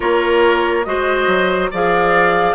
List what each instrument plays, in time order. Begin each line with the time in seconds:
0.00 bassoon A#3, clarinet F4, oboe A#4, flute C#5
0.84 bassoon G#3, clarinet F#4, oboe C5, flute D#5
1.27 bassoon F#3
1.70 bassoon F3, clarinet G#4, oboe D5, flute F5